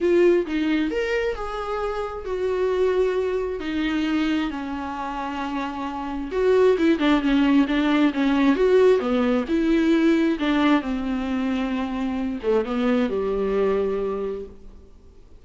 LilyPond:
\new Staff \with { instrumentName = "viola" } { \time 4/4 \tempo 4 = 133 f'4 dis'4 ais'4 gis'4~ | gis'4 fis'2. | dis'2 cis'2~ | cis'2 fis'4 e'8 d'8 |
cis'4 d'4 cis'4 fis'4 | b4 e'2 d'4 | c'2.~ c'8 a8 | b4 g2. | }